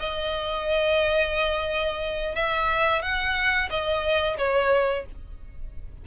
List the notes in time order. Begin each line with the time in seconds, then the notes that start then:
0.00 D#5
2.36 E5
3.02 F#5
3.70 D#5
4.38 C#5